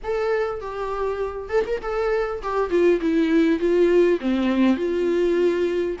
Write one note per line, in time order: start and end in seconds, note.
0.03 0.60 A4
0.60 1.49 G4
1.49 1.64 A4
1.66 1.81 A#4
1.82 2.42 A4
2.42 2.70 G4
2.70 3.00 F4
3.01 3.59 E4
3.59 4.19 F4
4.20 4.76 C4
4.76 5.96 F4